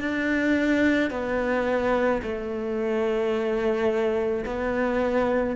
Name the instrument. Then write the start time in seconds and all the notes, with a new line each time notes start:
cello
0.00 D4
1.11 B3
2.23 A3
4.46 B3